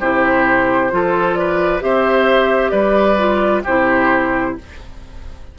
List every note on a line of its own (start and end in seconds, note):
0.00 0.91 C3
0.00 0.91 E4
0.00 0.91 G4
0.00 1.35 C5
0.91 1.82 F3
0.91 1.80 F4
0.91 1.39 A4
1.35 1.83 B4
1.35 1.80 D5
1.80 2.72 C4
1.80 3.16 G4
1.80 2.71 C5
1.80 2.70 E5
2.70 3.63 G3
2.70 3.62 B4
2.70 3.61 D5
3.18 3.63 F4
3.63 4.57 C3
3.63 4.58 E4
3.63 4.54 G4
3.63 4.57 C5